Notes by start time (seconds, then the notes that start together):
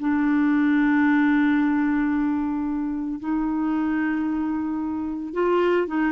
0.00 D4
3.20 D#4
5.34 F4
5.88 D#4